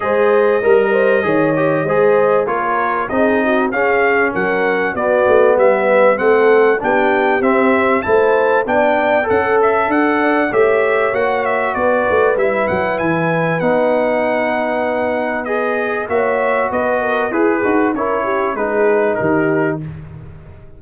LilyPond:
<<
  \new Staff \with { instrumentName = "trumpet" } { \time 4/4 \tempo 4 = 97 dis''1 | cis''4 dis''4 f''4 fis''4 | d''4 e''4 fis''4 g''4 | e''4 a''4 g''4 fis''8 e''8 |
fis''4 e''4 fis''8 e''8 d''4 | e''8 fis''8 gis''4 fis''2~ | fis''4 dis''4 e''4 dis''4 | b'4 cis''4 b'4 ais'4 | }
  \new Staff \with { instrumentName = "horn" } { \time 4/4 c''4 ais'8 c''8 cis''4 c''4 | ais'4 gis'8 fis'8 gis'4 ais'4 | fis'4 b'4 a'4 g'4~ | g'4 c''4 d''4 a'4~ |
a'8 d''8 cis''2 b'4~ | b'1~ | b'2 cis''4 b'8 ais'8 | gis'4 ais'8 g'8 gis'4 g'4 | }
  \new Staff \with { instrumentName = "trombone" } { \time 4/4 gis'4 ais'4 gis'8 g'8 gis'4 | f'4 dis'4 cis'2 | b2 c'4 d'4 | c'4 e'4 d'4 a'4~ |
a'4 g'4 fis'2 | e'2 dis'2~ | dis'4 gis'4 fis'2 | gis'8 fis'8 e'4 dis'2 | }
  \new Staff \with { instrumentName = "tuba" } { \time 4/4 gis4 g4 dis4 gis4 | ais4 c'4 cis'4 fis4 | b8 a8 g4 a4 b4 | c'4 a4 b4 cis'4 |
d'4 a4 ais4 b8 a8 | g8 fis8 e4 b2~ | b2 ais4 b4 | e'8 dis'8 cis'4 gis4 dis4 | }
>>